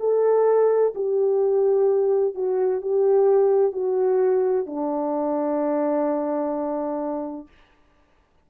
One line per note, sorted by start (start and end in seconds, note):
0.00 0.94 A4
0.95 2.35 G4
2.35 2.81 F#4
2.81 3.72 G4
3.72 4.66 F#4
4.66 7.47 D4